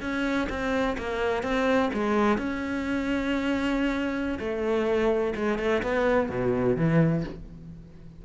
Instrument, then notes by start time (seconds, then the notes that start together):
cello
0.00 C#4
0.49 C4
0.97 A#3
1.43 C4
1.93 G#3
2.37 C#4
4.39 A3
5.35 G#3
5.58 A3
5.82 B3
6.29 B2
6.76 E3